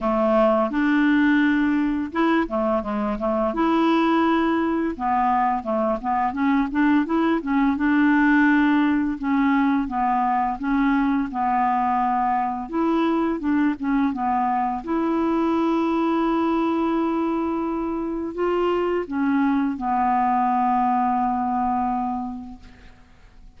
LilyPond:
\new Staff \with { instrumentName = "clarinet" } { \time 4/4 \tempo 4 = 85 a4 d'2 e'8 a8 | gis8 a8 e'2 b4 | a8 b8 cis'8 d'8 e'8 cis'8 d'4~ | d'4 cis'4 b4 cis'4 |
b2 e'4 d'8 cis'8 | b4 e'2.~ | e'2 f'4 cis'4 | b1 | }